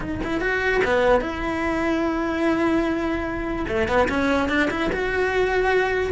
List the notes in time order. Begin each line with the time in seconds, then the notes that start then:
0.00 D#4
0.23 E4
0.40 F#4
0.84 B3
1.20 E4
3.68 A3
3.88 B3
4.08 C#4
4.48 D4
4.70 E4
4.92 F#4